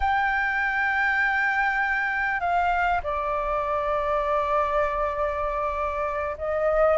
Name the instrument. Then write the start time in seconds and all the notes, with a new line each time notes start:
flute
0.00 G5
2.40 F5
3.03 D5
6.38 D#5